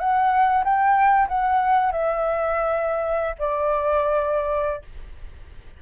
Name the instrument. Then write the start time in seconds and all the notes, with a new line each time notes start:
flute
0.00 F#5
0.64 G5
1.28 F#5
1.92 E5
3.39 D5